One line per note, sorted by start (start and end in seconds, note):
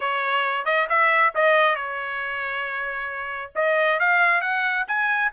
0.00 0.65 C#5
0.65 0.87 D#5
0.89 1.33 E5
1.35 1.75 D#5
1.75 3.52 C#5
3.55 3.99 D#5
3.99 4.41 F5
4.41 4.85 F#5
4.87 5.31 G#5